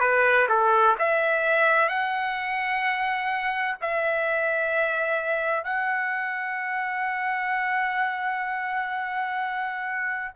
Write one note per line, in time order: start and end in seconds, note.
0.00 0.47 B4
0.48 0.95 A4
0.98 1.88 E5
1.88 3.76 F#5
3.81 5.63 E5
5.63 10.32 F#5